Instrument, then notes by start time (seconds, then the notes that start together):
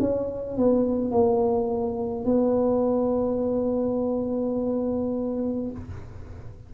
tuba
0.00 C#4
0.57 B3
1.11 A#3
2.25 B3